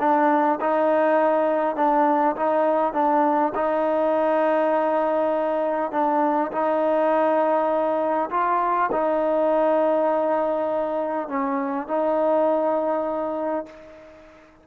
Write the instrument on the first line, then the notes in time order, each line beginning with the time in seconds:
trombone
0.00 D4
0.61 D#4
1.77 D4
2.37 D#4
2.94 D4
3.55 D#4
5.92 D4
6.52 D#4
8.31 F4
8.92 D#4
11.29 C#4
11.88 D#4